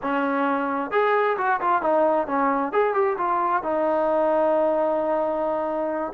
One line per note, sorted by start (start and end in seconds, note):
0.02 0.91 C#4
0.91 1.36 G#4
1.37 1.60 F#4
1.60 1.81 F4
1.81 2.27 D#4
2.27 2.72 C#4
2.72 2.94 G#4
2.94 3.17 G4
3.17 3.62 F4
3.62 6.12 D#4